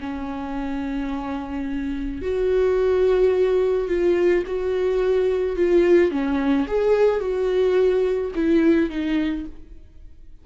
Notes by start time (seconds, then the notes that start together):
0.00 C#4
2.22 F#4
3.88 F4
4.46 F#4
5.56 F4
6.11 C#4
6.67 G#4
7.20 F#4
8.35 E4
8.90 D#4